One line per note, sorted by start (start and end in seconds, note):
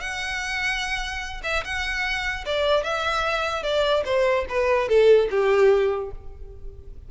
0.00 1.41 F#5
1.43 1.63 E5
1.64 2.44 F#5
2.45 2.83 D5
2.83 3.63 E5
3.63 4.03 D5
4.05 4.45 C5
4.49 4.88 B4
4.88 5.28 A4
5.30 6.11 G4